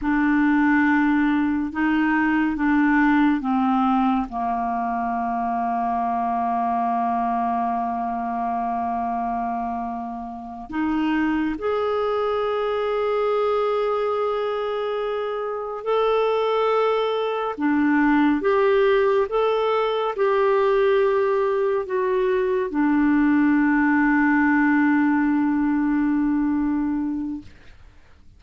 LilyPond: \new Staff \with { instrumentName = "clarinet" } { \time 4/4 \tempo 4 = 70 d'2 dis'4 d'4 | c'4 ais2.~ | ais1~ | ais8 dis'4 gis'2~ gis'8~ |
gis'2~ gis'8 a'4.~ | a'8 d'4 g'4 a'4 g'8~ | g'4. fis'4 d'4.~ | d'1 | }